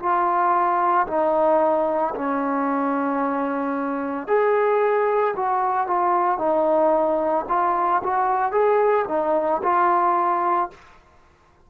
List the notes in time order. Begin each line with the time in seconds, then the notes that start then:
0.00 F4
1.08 D#4
2.16 C#4
4.28 G#4
5.37 F#4
5.88 F4
6.39 D#4
7.49 F4
8.04 F#4
8.52 G#4
9.09 D#4
9.63 F4